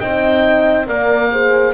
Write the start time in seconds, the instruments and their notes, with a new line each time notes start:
0.00 double bass C4, horn D#4 D#5, oboe G5
0.86 double bass A#3, horn A#4 D5, oboe F5
1.32 horn G#4 C5